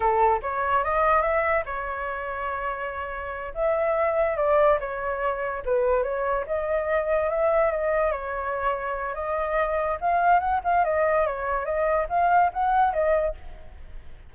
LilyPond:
\new Staff \with { instrumentName = "flute" } { \time 4/4 \tempo 4 = 144 a'4 cis''4 dis''4 e''4 | cis''1~ | cis''8 e''2 d''4 cis''8~ | cis''4. b'4 cis''4 dis''8~ |
dis''4. e''4 dis''4 cis''8~ | cis''2 dis''2 | f''4 fis''8 f''8 dis''4 cis''4 | dis''4 f''4 fis''4 dis''4 | }